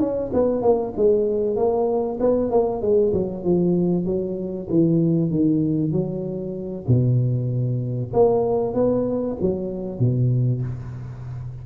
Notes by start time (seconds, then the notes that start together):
0.00 C#4
0.34 B3
0.62 A#3
0.97 G#3
1.57 A#3
2.20 B3
2.51 A#3
2.82 G#3
3.14 F#3
3.44 F3
4.06 F#3
4.70 E3
5.31 D#3
5.92 F#3
6.88 B2
8.13 A#3
8.74 B3
9.41 F#3
10.00 B2